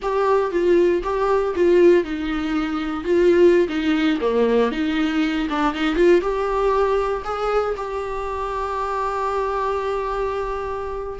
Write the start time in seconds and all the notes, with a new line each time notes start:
0.01 G4
0.51 F4
1.03 G4
1.55 F4
2.04 D#4
3.03 F4
3.68 D#4
4.20 A#3
4.71 D#4
5.49 D4
5.74 D#4
5.95 F4
6.21 G4
7.24 G#4
7.76 G4